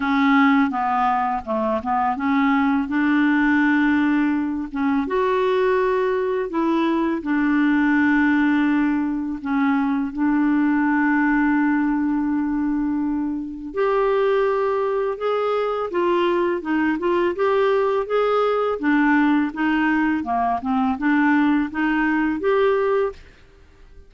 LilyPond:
\new Staff \with { instrumentName = "clarinet" } { \time 4/4 \tempo 4 = 83 cis'4 b4 a8 b8 cis'4 | d'2~ d'8 cis'8 fis'4~ | fis'4 e'4 d'2~ | d'4 cis'4 d'2~ |
d'2. g'4~ | g'4 gis'4 f'4 dis'8 f'8 | g'4 gis'4 d'4 dis'4 | ais8 c'8 d'4 dis'4 g'4 | }